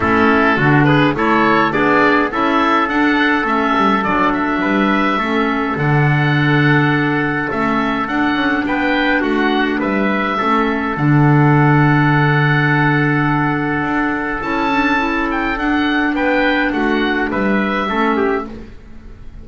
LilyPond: <<
  \new Staff \with { instrumentName = "oboe" } { \time 4/4 \tempo 4 = 104 a'4. b'8 cis''4 d''4 | e''4 fis''4 e''4 d''8 e''8~ | e''2 fis''2~ | fis''4 e''4 fis''4 g''4 |
fis''4 e''2 fis''4~ | fis''1~ | fis''4 a''4. g''8 fis''4 | g''4 fis''4 e''2 | }
  \new Staff \with { instrumentName = "trumpet" } { \time 4/4 e'4 fis'8 gis'8 a'4 gis'4 | a'1 | b'4 a'2.~ | a'2. b'4 |
fis'4 b'4 a'2~ | a'1~ | a'1 | b'4 fis'4 b'4 a'8 g'8 | }
  \new Staff \with { instrumentName = "clarinet" } { \time 4/4 cis'4 d'4 e'4 d'4 | e'4 d'4 cis'4 d'4~ | d'4 cis'4 d'2~ | d'4 cis'4 d'2~ |
d'2 cis'4 d'4~ | d'1~ | d'4 e'8 d'8 e'4 d'4~ | d'2. cis'4 | }
  \new Staff \with { instrumentName = "double bass" } { \time 4/4 a4 d4 a4 b4 | cis'4 d'4 a8 g8 fis4 | g4 a4 d2~ | d4 a4 d'8 cis'8 b4 |
a4 g4 a4 d4~ | d1 | d'4 cis'2 d'4 | b4 a4 g4 a4 | }
>>